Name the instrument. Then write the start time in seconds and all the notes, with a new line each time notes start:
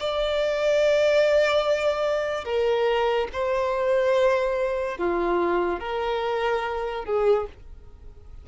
violin
0.00 D5
2.45 A#4
3.33 C5
4.98 F4
5.80 A#4
7.05 G#4